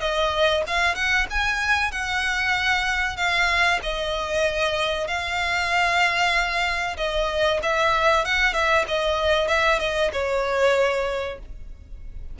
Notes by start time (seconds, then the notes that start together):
0.00 D#5
0.67 F5
0.95 F#5
1.30 G#5
1.91 F#5
3.16 F5
3.82 D#5
5.07 F5
6.97 D#5
7.62 E5
8.25 F#5
8.53 E5
8.87 D#5
9.48 E5
9.79 D#5
10.12 C#5